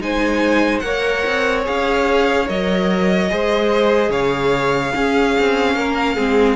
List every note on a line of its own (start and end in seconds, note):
0.00 0.82 G#3
0.00 0.83 D#4
0.00 0.85 C5
0.00 0.80 G#5
0.80 1.24 A#3
0.80 1.65 A#4
0.80 3.32 C#5
0.80 1.62 F#5
1.26 1.67 C4
1.65 2.49 C#4
1.65 2.47 G#4
1.65 2.49 F5
2.48 3.31 F#3
2.48 3.30 A#4
2.48 4.12 D#5
3.30 4.10 G#3
3.30 4.94 G#4
3.30 4.11 C5
4.10 4.92 C#3
4.10 4.93 C#5
4.10 6.56 F5
4.94 6.17 C#4
4.94 5.36 C#4
4.94 5.76 G#4
5.39 5.76 C4
5.76 6.17 A#3
5.76 6.15 A#4
6.15 6.56 G#3
6.15 6.56 C4
6.15 6.56 G#4